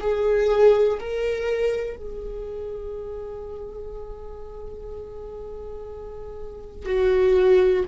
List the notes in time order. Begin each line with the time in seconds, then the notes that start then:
0.00 G#4
1.00 A#4
1.97 G#4
6.85 F#4